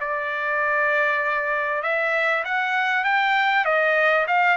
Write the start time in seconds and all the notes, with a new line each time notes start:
0.00 D5
1.82 E5
2.44 F#5
3.04 G5
3.65 D#5
4.27 F5